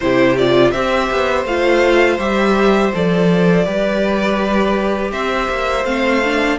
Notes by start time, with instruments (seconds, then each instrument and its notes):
0.00 cello C3, viola E4, violin G4 C5
0.37 viola F4, violin D5
0.71 cello C4, viola G4, violin C5 E5
1.10 cello B3
1.45 cello A3, viola F4, violin F5
2.18 cello G3, viola G4, violin E5
2.94 cello F3, viola A4, violin D5
3.64 cello G3, viola G4, violin B4
5.11 cello C4, violin C5 E5
5.49 cello A#3
5.84 cello A3, viola C4, violin F5
6.23 viola D4